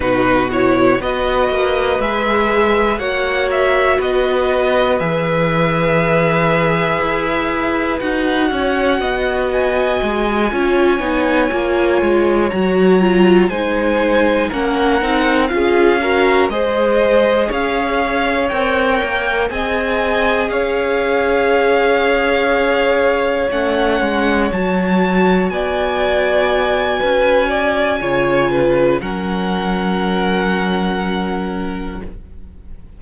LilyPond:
<<
  \new Staff \with { instrumentName = "violin" } { \time 4/4 \tempo 4 = 60 b'8 cis''8 dis''4 e''4 fis''8 e''8 | dis''4 e''2. | fis''4. gis''2~ gis''8~ | gis''8 ais''4 gis''4 fis''4 f''8~ |
f''8 dis''4 f''4 g''4 gis''8~ | gis''8 f''2. fis''8~ | fis''8 a''4 gis''2~ gis''8~ | gis''4 fis''2. | }
  \new Staff \with { instrumentName = "violin" } { \time 4/4 fis'4 b'2 cis''4 | b'1~ | b'8 cis''8 dis''4. cis''4.~ | cis''4. c''4 ais'4 gis'8 |
ais'8 c''4 cis''2 dis''8~ | dis''8 cis''2.~ cis''8~ | cis''4. d''4. b'8 d''8 | cis''8 b'8 ais'2. | }
  \new Staff \with { instrumentName = "viola" } { \time 4/4 dis'8 e'8 fis'4 gis'4 fis'4~ | fis'4 gis'2. | fis'2~ fis'8 f'8 dis'8 f'8~ | f'8 fis'8 f'8 dis'4 cis'8 dis'8 f'8 |
fis'8 gis'2 ais'4 gis'8~ | gis'2.~ gis'8 cis'8~ | cis'8 fis'2.~ fis'8 | f'4 cis'2. | }
  \new Staff \with { instrumentName = "cello" } { \time 4/4 b,4 b8 ais8 gis4 ais4 | b4 e2 e'4 | dis'8 cis'8 b4 gis8 cis'8 b8 ais8 | gis8 fis4 gis4 ais8 c'8 cis'8~ |
cis'8 gis4 cis'4 c'8 ais8 c'8~ | c'8 cis'2. a8 | gis8 fis4 b4. cis'4 | cis4 fis2. | }
>>